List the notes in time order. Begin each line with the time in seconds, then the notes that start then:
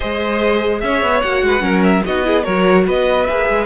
0.00 G#3 G#4 C5 D#5
0.80 C#4 C#5 E5
1.02 B3
1.21 A#3 F#4 F#5
1.42 G#3 B4
1.60 F#3 C#4 A#4
1.82 E5
2.05 B3 D#4 F#4 D#5
2.23 E4 G#4
2.43 F#3 F#4 A#4 C#5
2.86 B3 B4 D#5
3.26 A#3 G#4 E5
3.48 G#3